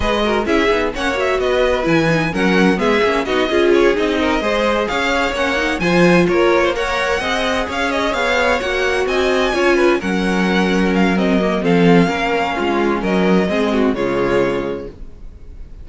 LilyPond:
<<
  \new Staff \with { instrumentName = "violin" } { \time 4/4 \tempo 4 = 129 dis''4 e''4 fis''8 e''8 dis''4 | gis''4 fis''4 e''4 dis''4 | cis''8 dis''2 f''4 fis''8~ | fis''8 gis''4 cis''4 fis''4.~ |
fis''8 f''8 dis''8 f''4 fis''4 gis''8~ | gis''4. fis''2 f''8 | dis''4 f''2. | dis''2 cis''2 | }
  \new Staff \with { instrumentName = "violin" } { \time 4/4 b'8 ais'8 gis'4 cis''4 b'4~ | b'4 ais'4 gis'4 fis'8 gis'8~ | gis'4 ais'8 c''4 cis''4.~ | cis''8 c''4 ais'8. c''16 cis''4 dis''8~ |
dis''8 cis''2. dis''8~ | dis''8 cis''8 b'8 ais'2~ ais'8~ | ais'4 a'4 ais'4 f'4 | ais'4 gis'8 fis'8 f'2 | }
  \new Staff \with { instrumentName = "viola" } { \time 4/4 gis'8 fis'8 e'8 dis'8 cis'8 fis'4. | e'8 dis'8 cis'4 b8 cis'8 dis'8 f'8~ | f'8 dis'4 gis'2 cis'8 | dis'8 f'2 ais'4 gis'8~ |
gis'2~ gis'8 fis'4.~ | fis'8 f'4 cis'2~ cis'8 | c'8 ais8 c'4 cis'2~ | cis'4 c'4 gis2 | }
  \new Staff \with { instrumentName = "cello" } { \time 4/4 gis4 cis'8 b8 ais4 b4 | e4 fis4 gis8 ais8 b8 cis'8~ | cis'8 c'4 gis4 cis'4 ais8~ | ais8 f4 ais2 c'8~ |
c'8 cis'4 b4 ais4 c'8~ | c'8 cis'4 fis2~ fis8~ | fis4 f4 ais4 gis4 | fis4 gis4 cis2 | }
>>